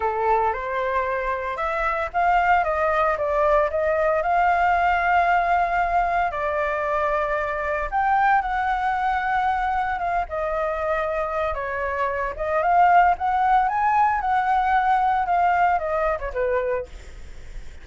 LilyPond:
\new Staff \with { instrumentName = "flute" } { \time 4/4 \tempo 4 = 114 a'4 c''2 e''4 | f''4 dis''4 d''4 dis''4 | f''1 | d''2. g''4 |
fis''2. f''8 dis''8~ | dis''2 cis''4. dis''8 | f''4 fis''4 gis''4 fis''4~ | fis''4 f''4 dis''8. cis''16 b'4 | }